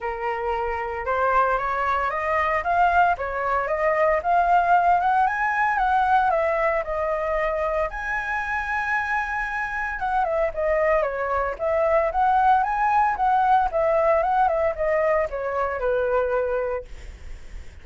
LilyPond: \new Staff \with { instrumentName = "flute" } { \time 4/4 \tempo 4 = 114 ais'2 c''4 cis''4 | dis''4 f''4 cis''4 dis''4 | f''4. fis''8 gis''4 fis''4 | e''4 dis''2 gis''4~ |
gis''2. fis''8 e''8 | dis''4 cis''4 e''4 fis''4 | gis''4 fis''4 e''4 fis''8 e''8 | dis''4 cis''4 b'2 | }